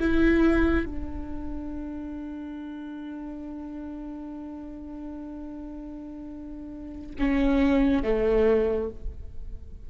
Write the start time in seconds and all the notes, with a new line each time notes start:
0.00 E4
0.86 D4
7.19 C#4
8.04 A3